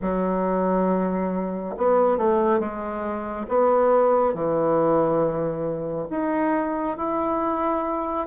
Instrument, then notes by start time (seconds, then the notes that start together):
bassoon
0.01 F#3
1.77 B3
2.17 A3
2.59 G#3
3.48 B3
4.34 E3
6.10 D#4
6.97 E4